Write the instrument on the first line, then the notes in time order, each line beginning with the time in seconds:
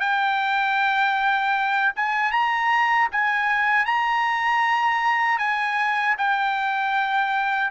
trumpet
0.00 G5
1.95 G#5
2.31 A#5
3.12 G#5
3.85 A#5
5.38 G#5
6.18 G5